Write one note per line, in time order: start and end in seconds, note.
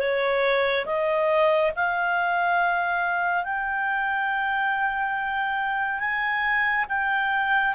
0.00 0.86 C#5
0.86 1.72 D#5
1.76 3.45 F5
3.45 6.00 G5
6.00 6.86 G#5
6.89 7.75 G5